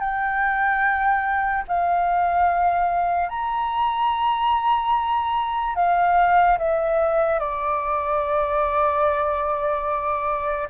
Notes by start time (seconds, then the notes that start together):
0.00 G5
1.68 F5
3.29 A#5
5.76 F5
6.59 E5
7.40 D5